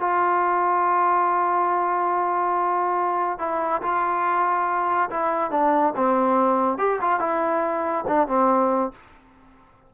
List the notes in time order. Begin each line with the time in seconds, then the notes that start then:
0.00 F4
3.39 E4
3.82 F4
5.10 E4
5.51 D4
5.96 C4
6.78 G4
7.01 F4
7.20 E4
8.08 D4
8.28 C4